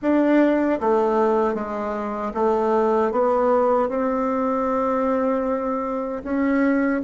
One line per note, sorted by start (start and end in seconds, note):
0.01 0.79 D4
0.80 1.54 A3
1.54 2.32 G#3
2.34 3.11 A3
3.11 3.89 B3
3.89 6.22 C4
6.23 7.01 C#4